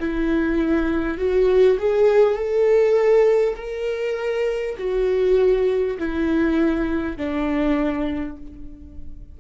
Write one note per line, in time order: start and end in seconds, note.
0.00 1.18 E4
1.18 1.78 F#4
1.79 2.35 G#4
2.35 3.55 A4
3.56 4.76 A#4
4.78 5.98 F#4
5.99 7.17 E4
7.17 8.37 D4